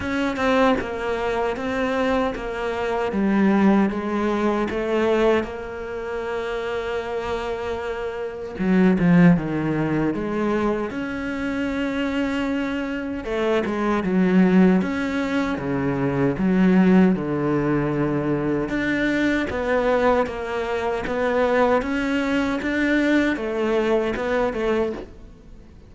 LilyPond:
\new Staff \with { instrumentName = "cello" } { \time 4/4 \tempo 4 = 77 cis'8 c'8 ais4 c'4 ais4 | g4 gis4 a4 ais4~ | ais2. fis8 f8 | dis4 gis4 cis'2~ |
cis'4 a8 gis8 fis4 cis'4 | cis4 fis4 d2 | d'4 b4 ais4 b4 | cis'4 d'4 a4 b8 a8 | }